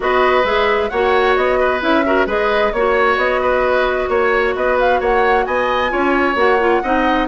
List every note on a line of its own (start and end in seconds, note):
0.00 0.43 B3
0.00 0.44 F#4
0.00 0.90 B4
0.00 0.45 D#5
0.43 0.89 G#3
0.43 0.90 G#4
0.43 0.89 E5
0.89 1.37 A#3
0.89 1.80 F#4
0.89 1.59 C#5
0.89 1.34 F#5
1.36 1.82 B3
1.36 1.81 D#5
1.59 2.05 B4
1.80 2.26 C#4
1.80 2.03 E4
1.80 2.28 E5
2.05 2.27 F#4
2.05 2.26 A#4
2.26 2.71 G#3
2.26 2.72 G#4
2.26 2.71 B4
2.26 2.72 D#5
2.72 3.16 A#3
2.72 5.89 F#4
2.72 3.18 C#5
2.72 3.41 C#5
3.16 4.07 B3
3.16 4.09 D#5
3.41 4.09 B4
4.09 4.54 A#3
4.09 4.54 C#5
4.09 4.55 C#5
4.55 5.00 B3
4.55 5.00 B4
4.55 4.78 D#5
4.79 5.02 F5
5.00 5.46 A#3
5.00 5.45 C#5
5.00 5.45 F#5
5.45 5.91 B3
5.45 5.91 D#5
5.45 6.36 G#5
5.89 6.35 C#4
5.89 6.34 F4
5.89 6.82 C#5
6.35 6.80 A#3
6.35 6.58 F#4
6.35 7.27 F#5
6.59 6.82 F4
6.82 7.27 C4
6.82 7.27 D#4
6.82 7.27 D#5